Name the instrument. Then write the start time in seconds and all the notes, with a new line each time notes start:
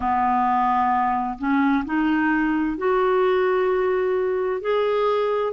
clarinet
0.00 B3
1.38 C#4
1.85 D#4
2.77 F#4
4.61 G#4